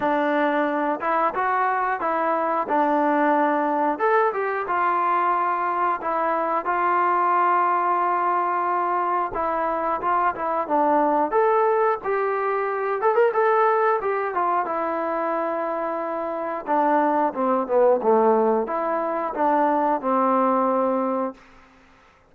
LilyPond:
\new Staff \with { instrumentName = "trombone" } { \time 4/4 \tempo 4 = 90 d'4. e'8 fis'4 e'4 | d'2 a'8 g'8 f'4~ | f'4 e'4 f'2~ | f'2 e'4 f'8 e'8 |
d'4 a'4 g'4. a'16 ais'16 | a'4 g'8 f'8 e'2~ | e'4 d'4 c'8 b8 a4 | e'4 d'4 c'2 | }